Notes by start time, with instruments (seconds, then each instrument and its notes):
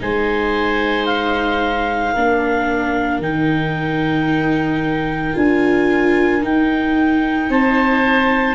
0.00 tuba G#3, viola D#4, oboe C5, clarinet G#5
1.06 clarinet F5
2.14 tuba A#3, viola D4, oboe A#4
3.19 tuba D#3, viola D#4, clarinet G5
5.34 tuba D4, viola F4, clarinet G#5
6.42 viola D#4, tuba D#4, clarinet G5
7.50 tuba C4, oboe C5, clarinet A5